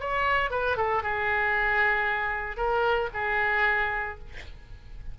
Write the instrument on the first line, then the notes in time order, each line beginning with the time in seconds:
oboe
0.00 C#5
0.50 B4
0.77 A4
1.03 G#4
2.57 A#4
3.14 G#4